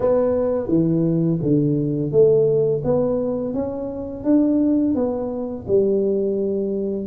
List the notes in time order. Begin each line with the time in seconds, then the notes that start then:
0.00 B3
0.68 E3
1.41 D3
2.11 A3
2.84 B3
3.54 C#4
4.24 D4
4.94 B3
5.67 G3